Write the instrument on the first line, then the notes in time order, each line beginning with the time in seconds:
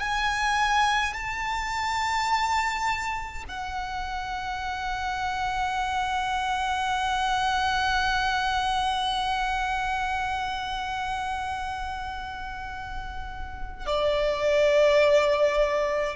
violin
0.00 G#5
1.13 A5
3.49 F#5
13.86 D5